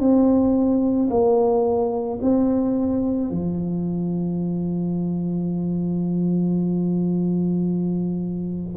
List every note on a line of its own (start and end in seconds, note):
0.00 1.09 C4
1.10 2.19 A#3
2.22 3.31 C4
3.31 8.76 F3